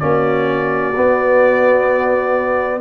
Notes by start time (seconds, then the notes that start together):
0.00 A#3 C#4 F#4 D5
0.96 B3